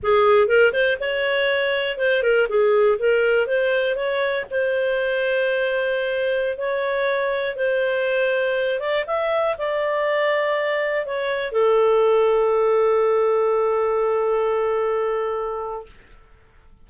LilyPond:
\new Staff \with { instrumentName = "clarinet" } { \time 4/4 \tempo 4 = 121 gis'4 ais'8 c''8 cis''2 | c''8 ais'8 gis'4 ais'4 c''4 | cis''4 c''2.~ | c''4~ c''16 cis''2 c''8.~ |
c''4.~ c''16 d''8 e''4 d''8.~ | d''2~ d''16 cis''4 a'8.~ | a'1~ | a'1 | }